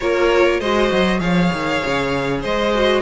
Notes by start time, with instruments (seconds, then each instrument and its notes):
0.00 cello A#3, viola F4, violin A#4 C#5
0.59 cello G#3, viola F#4, violin C5 D#5
0.91 cello F#3
1.19 cello F3, viola G#4, violin C#5 F5
1.52 cello D#3
1.85 cello C#3
2.41 cello G#3, violin C5 D#5
2.73 viola F#4